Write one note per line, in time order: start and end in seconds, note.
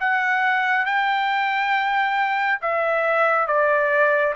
0.00 0.86 F#5
0.86 2.60 G5
2.62 3.47 E5
3.47 4.34 D5